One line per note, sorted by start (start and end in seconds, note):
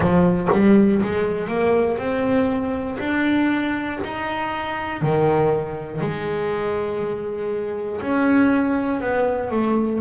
0.00 0.48 F3
0.51 1.01 G3
1.02 1.48 G#3
1.48 1.97 A#3
1.98 2.98 C4
2.99 3.99 D4
4.04 5.01 D#4
5.01 6.00 D#3
6.00 8.00 G#3
8.01 9.00 C#4
9.00 9.50 B3
9.50 10.00 A3